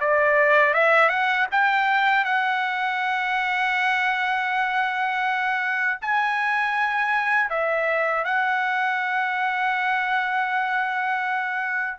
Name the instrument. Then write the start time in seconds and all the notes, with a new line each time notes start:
trumpet
0.00 D5
0.74 E5
1.09 F#5
1.51 G5
2.24 F#5
6.01 G#5
7.50 E5
8.24 F#5